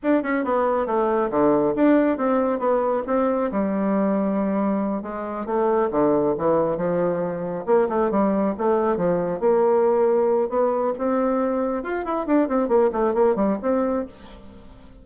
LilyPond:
\new Staff \with { instrumentName = "bassoon" } { \time 4/4 \tempo 4 = 137 d'8 cis'8 b4 a4 d4 | d'4 c'4 b4 c'4 | g2.~ g8 gis8~ | gis8 a4 d4 e4 f8~ |
f4. ais8 a8 g4 a8~ | a8 f4 ais2~ ais8 | b4 c'2 f'8 e'8 | d'8 c'8 ais8 a8 ais8 g8 c'4 | }